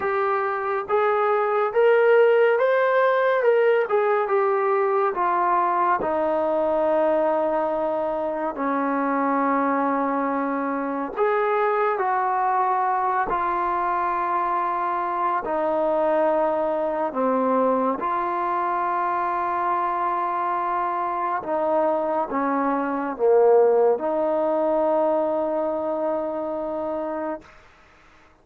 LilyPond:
\new Staff \with { instrumentName = "trombone" } { \time 4/4 \tempo 4 = 70 g'4 gis'4 ais'4 c''4 | ais'8 gis'8 g'4 f'4 dis'4~ | dis'2 cis'2~ | cis'4 gis'4 fis'4. f'8~ |
f'2 dis'2 | c'4 f'2.~ | f'4 dis'4 cis'4 ais4 | dis'1 | }